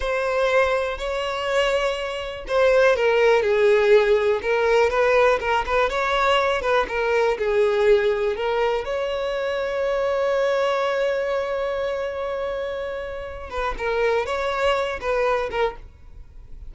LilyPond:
\new Staff \with { instrumentName = "violin" } { \time 4/4 \tempo 4 = 122 c''2 cis''2~ | cis''4 c''4 ais'4 gis'4~ | gis'4 ais'4 b'4 ais'8 b'8 | cis''4. b'8 ais'4 gis'4~ |
gis'4 ais'4 cis''2~ | cis''1~ | cis''2.~ cis''8 b'8 | ais'4 cis''4. b'4 ais'8 | }